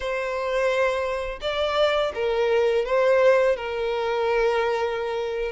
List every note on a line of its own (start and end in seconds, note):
0.00 1.39 C5
1.41 2.12 D5
2.14 2.85 A#4
2.85 3.56 C5
3.56 5.52 A#4